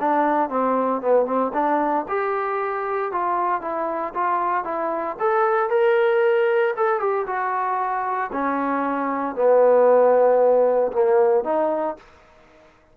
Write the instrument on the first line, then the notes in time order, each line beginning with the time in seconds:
trombone
0.00 D4
0.50 C4
1.02 B3
1.26 C4
1.54 D4
2.08 G4
3.12 F4
3.61 E4
4.14 F4
4.65 E4
5.20 A4
5.70 A#4
6.77 A4
7.00 G4
7.27 F#4
8.33 C#4
9.36 B3
10.92 A#3
11.45 D#4